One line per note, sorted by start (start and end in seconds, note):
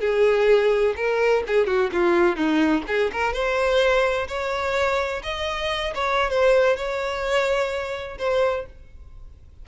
0.00 0.94 G#4
0.96 1.43 A#4
1.47 1.66 G#4
1.66 1.90 F#4
1.92 2.36 F4
2.36 2.83 D#4
2.87 3.11 G#4
3.12 3.33 A#4
3.33 4.27 C5
4.28 5.22 C#5
5.23 5.94 D#5
5.94 6.30 C#5
6.30 6.76 C5
6.76 8.18 C#5
8.18 8.65 C5